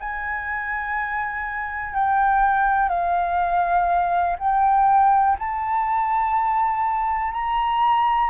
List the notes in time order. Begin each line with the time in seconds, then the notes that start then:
0.00 G#5
1.94 G5
2.89 F5
4.39 G5
5.39 A5
7.32 A#5